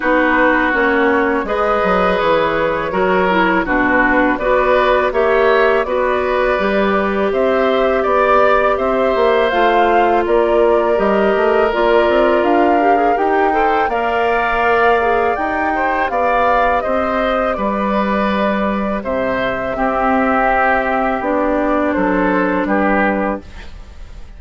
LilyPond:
<<
  \new Staff \with { instrumentName = "flute" } { \time 4/4 \tempo 4 = 82 b'4 cis''4 dis''4 cis''4~ | cis''4 b'4 d''4 e''4 | d''2 e''4 d''4 | e''4 f''4 d''4 dis''4 |
d''4 f''4 g''4 f''4~ | f''4 g''4 f''4 dis''4 | d''2 e''2~ | e''4 d''4 c''4 b'4 | }
  \new Staff \with { instrumentName = "oboe" } { \time 4/4 fis'2 b'2 | ais'4 fis'4 b'4 cis''4 | b'2 c''4 d''4 | c''2 ais'2~ |
ais'2~ ais'8 c''8 d''4~ | d''4. c''8 d''4 c''4 | b'2 c''4 g'4~ | g'2 a'4 g'4 | }
  \new Staff \with { instrumentName = "clarinet" } { \time 4/4 dis'4 cis'4 gis'2 | fis'8 e'8 d'4 fis'4 g'4 | fis'4 g'2.~ | g'4 f'2 g'4 |
f'4. g'16 gis'16 g'8 a'8 ais'4~ | ais'8 gis'8 g'2.~ | g'2. c'4~ | c'4 d'2. | }
  \new Staff \with { instrumentName = "bassoon" } { \time 4/4 b4 ais4 gis8 fis8 e4 | fis4 b,4 b4 ais4 | b4 g4 c'4 b4 | c'8 ais8 a4 ais4 g8 a8 |
ais8 c'8 d'4 dis'4 ais4~ | ais4 dis'4 b4 c'4 | g2 c4 c'4~ | c'4 b4 fis4 g4 | }
>>